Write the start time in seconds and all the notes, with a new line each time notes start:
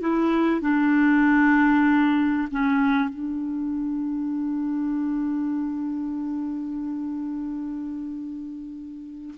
0.00 E4
0.61 D4
2.51 C#4
3.10 D4